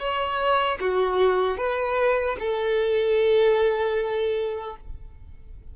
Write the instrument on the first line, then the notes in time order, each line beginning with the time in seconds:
violin
0.00 C#5
0.80 F#4
1.58 B4
2.40 A4